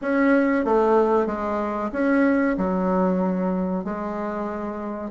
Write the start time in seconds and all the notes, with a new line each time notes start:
0.01 C#4
0.64 A3
1.26 G#3
1.92 C#4
2.57 F#3
3.84 G#3